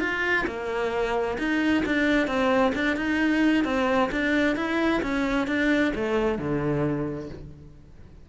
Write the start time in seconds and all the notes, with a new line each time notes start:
0.00 F4
0.47 A#3
1.38 D#4
1.86 D4
2.27 C4
2.75 D4
2.96 D#4
3.64 C4
4.12 D4
4.56 E4
5.02 C#4
5.47 D4
5.95 A3
6.38 D3